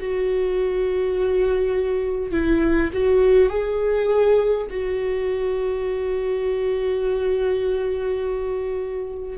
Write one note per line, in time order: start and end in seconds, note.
0.00 2.31 F#4
2.31 2.90 E4
2.93 3.49 F#4
3.49 4.67 G#4
4.70 9.38 F#4